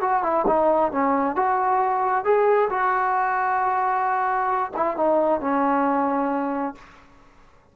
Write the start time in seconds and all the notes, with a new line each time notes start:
0.00 F#4
0.23 E4
0.47 D#4
0.91 C#4
1.36 F#4
2.24 G#4
2.70 F#4
4.76 E4
4.96 D#4
5.40 C#4